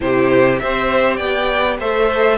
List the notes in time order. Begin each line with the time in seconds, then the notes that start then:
0.00 C3 E4 G4 C5
0.58 C4 G4 C5 E5
1.16 B3 D5 G5
1.79 A3 A4 C5 E5